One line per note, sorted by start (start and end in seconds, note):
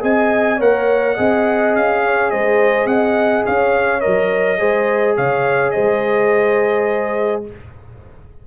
0.00 0.60 C4
0.00 0.57 G#4
0.00 0.57 D#5
0.00 0.61 G#5
0.57 1.17 A#3
0.57 1.17 A#4
0.57 1.14 C#5
0.57 1.75 F#5
1.14 1.76 C4
1.14 4.01 G#4
1.14 2.00 D#5
1.75 2.32 C#4
1.75 2.30 F5
2.04 2.32 C#5
2.30 2.86 G#3
2.30 2.89 C5
2.30 2.87 D#5
2.86 3.43 C4
2.86 3.46 D#5
2.86 3.44 F#5
3.46 4.05 C#4
3.46 4.59 C#5
3.46 4.00 F5
4.00 4.61 F#3
4.00 4.58 A#4
4.00 5.15 D#5
4.58 5.18 G#3
4.58 7.44 G#4
4.58 5.16 C5
5.16 5.75 C#3
5.16 5.74 C#5
5.16 5.71 F5
5.71 7.47 G#3
5.71 7.45 C5
5.71 7.42 D#5